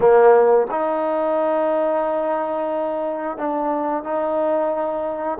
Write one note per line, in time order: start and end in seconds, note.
0.00 0.67 A#3
0.70 3.37 D#4
3.37 4.03 D4
4.03 5.38 D#4